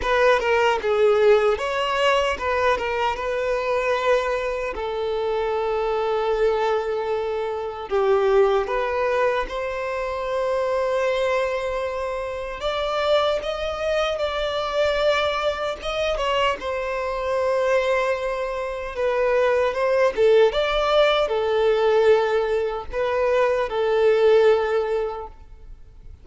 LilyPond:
\new Staff \with { instrumentName = "violin" } { \time 4/4 \tempo 4 = 76 b'8 ais'8 gis'4 cis''4 b'8 ais'8 | b'2 a'2~ | a'2 g'4 b'4 | c''1 |
d''4 dis''4 d''2 | dis''8 cis''8 c''2. | b'4 c''8 a'8 d''4 a'4~ | a'4 b'4 a'2 | }